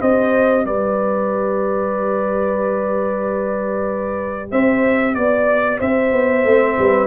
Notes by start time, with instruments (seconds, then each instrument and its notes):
0.00 tuba C4, trombone G4, horn C5, trumpet D#5
0.65 tuba G3, horn B4, trumpet D5
4.51 tuba C4, horn C5, trumpet E5
5.14 tuba B3, trumpet D5, horn D5
5.78 tuba C4, horn C5, trumpet E5
6.12 tuba B3
6.44 tuba A3, trombone C4
6.78 tuba G3, horn B4